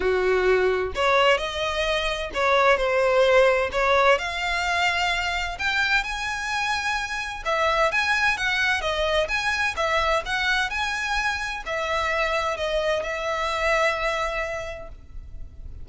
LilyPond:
\new Staff \with { instrumentName = "violin" } { \time 4/4 \tempo 4 = 129 fis'2 cis''4 dis''4~ | dis''4 cis''4 c''2 | cis''4 f''2. | g''4 gis''2. |
e''4 gis''4 fis''4 dis''4 | gis''4 e''4 fis''4 gis''4~ | gis''4 e''2 dis''4 | e''1 | }